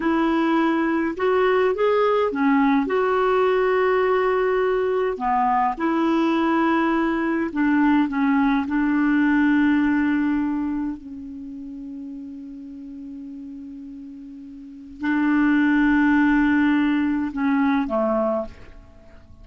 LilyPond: \new Staff \with { instrumentName = "clarinet" } { \time 4/4 \tempo 4 = 104 e'2 fis'4 gis'4 | cis'4 fis'2.~ | fis'4 b4 e'2~ | e'4 d'4 cis'4 d'4~ |
d'2. cis'4~ | cis'1~ | cis'2 d'2~ | d'2 cis'4 a4 | }